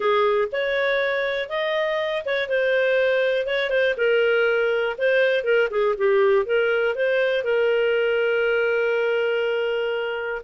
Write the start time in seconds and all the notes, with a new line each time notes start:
0.00 G#4
0.52 C#5
1.49 D#5
2.25 C#5
2.49 C5
3.46 C#5
3.69 C5
3.97 A#4
4.98 C5
5.44 A#4
5.70 G#4
5.97 G4
6.45 A#4
6.95 C5
7.44 A#4